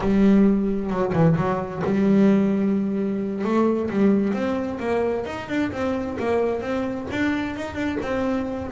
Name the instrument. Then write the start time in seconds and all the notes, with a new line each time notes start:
double bass
0.00 G3
0.90 F#3
1.13 E3
1.36 F#3
1.84 G3
3.44 A3
3.90 G3
4.33 C4
4.79 A#3
5.25 D#4
5.48 D4
5.71 C4
6.19 A#3
6.61 C4
7.11 D4
7.56 D#4
7.74 D4
8.02 C4